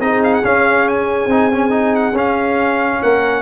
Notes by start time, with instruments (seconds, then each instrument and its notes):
0.00 tuba C4, trombone D#4, horn G#4, trumpet D#5
0.24 trumpet F5
0.34 trumpet F#5
0.43 trombone C#4, tuba C#4, trumpet F5
0.88 trumpet G#5
1.26 tuba C4, trombone D#4
1.52 trombone C#4
1.70 trombone D#4
1.95 trumpet F#5
2.12 tuba C#4, trombone C#4, trumpet F5
3.02 tuba A#3, horn A#4, trumpet F#5